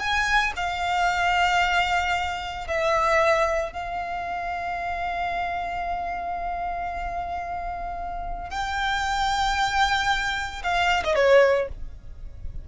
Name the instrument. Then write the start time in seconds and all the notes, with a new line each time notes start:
violin
0.00 G#5
0.57 F5
2.68 E5
3.73 F5
8.51 G5
10.64 F5
11.04 D#5
11.16 C#5